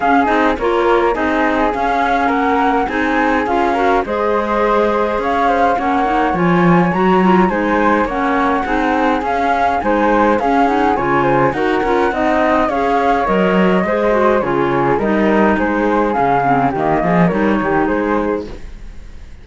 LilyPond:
<<
  \new Staff \with { instrumentName = "flute" } { \time 4/4 \tempo 4 = 104 f''8 dis''8 cis''4 dis''4 f''4 | fis''4 gis''4 f''4 dis''4~ | dis''4 f''4 fis''4 gis''4 | ais''4 gis''4 fis''2 |
f''4 gis''4 f''8 fis''8 gis''4 | fis''2 f''4 dis''4~ | dis''4 cis''4 dis''4 c''4 | f''4 dis''4 cis''4 c''4 | }
  \new Staff \with { instrumentName = "flute" } { \time 4/4 gis'4 ais'4 gis'2 | ais'4 gis'4. ais'8 c''4~ | c''4 cis''8 c''8 cis''2~ | cis''4 c''4 cis''4 gis'4~ |
gis'4 c''4 gis'4 cis''8 c''8 | ais'4 dis''4 cis''2 | c''4 gis'4 ais'4 gis'4~ | gis'4 g'8 gis'8 ais'8 g'8 gis'4 | }
  \new Staff \with { instrumentName = "clarinet" } { \time 4/4 cis'8 dis'8 f'4 dis'4 cis'4~ | cis'4 dis'4 f'8 fis'8 gis'4~ | gis'2 cis'8 dis'8 f'4 | fis'8 f'8 dis'4 cis'4 dis'4 |
cis'4 dis'4 cis'8 dis'8 f'4 | fis'8 f'8 dis'4 gis'4 ais'4 | gis'8 fis'8 f'4 dis'2 | cis'8 c'8 ais4 dis'2 | }
  \new Staff \with { instrumentName = "cello" } { \time 4/4 cis'8 c'8 ais4 c'4 cis'4 | ais4 c'4 cis'4 gis4~ | gis4 cis'4 ais4 f4 | fis4 gis4 ais4 c'4 |
cis'4 gis4 cis'4 cis4 | dis'8 cis'8 c'4 cis'4 fis4 | gis4 cis4 g4 gis4 | cis4 dis8 f8 g8 dis8 gis4 | }
>>